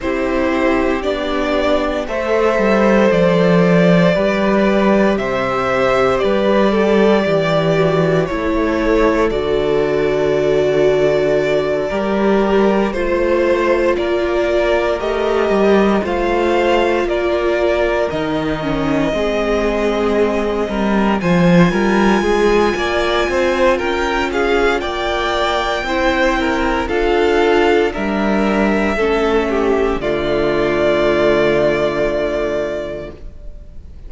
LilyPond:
<<
  \new Staff \with { instrumentName = "violin" } { \time 4/4 \tempo 4 = 58 c''4 d''4 e''4 d''4~ | d''4 e''4 d''2 | cis''4 d''2.~ | d''8 c''4 d''4 dis''4 f''8~ |
f''8 d''4 dis''2~ dis''8~ | dis''8 gis''2~ gis''8 g''8 f''8 | g''2 f''4 e''4~ | e''4 d''2. | }
  \new Staff \with { instrumentName = "violin" } { \time 4/4 g'2 c''2 | b'4 c''4 b'8 a'8 g'4 | a'2.~ a'8 ais'8~ | ais'8 c''4 ais'2 c''8~ |
c''8 ais'2 gis'4. | ais'8 c''8 ais'8 gis'8 d''8 c''8 ais'8 gis'8 | d''4 c''8 ais'8 a'4 ais'4 | a'8 g'8 f'2. | }
  \new Staff \with { instrumentName = "viola" } { \time 4/4 e'4 d'4 a'2 | g'2.~ g'8 fis'8 | e'4 fis'2~ fis'8 g'8~ | g'8 f'2 g'4 f'8~ |
f'4. dis'8 cis'8 c'4.~ | c'8 f'2.~ f'8~ | f'4 e'4 f'4 d'4 | cis'4 a2. | }
  \new Staff \with { instrumentName = "cello" } { \time 4/4 c'4 b4 a8 g8 f4 | g4 c4 g4 e4 | a4 d2~ d8 g8~ | g8 a4 ais4 a8 g8 a8~ |
a8 ais4 dis4 gis4. | g8 f8 g8 gis8 ais8 c'8 cis'4 | ais4 c'4 d'4 g4 | a4 d2. | }
>>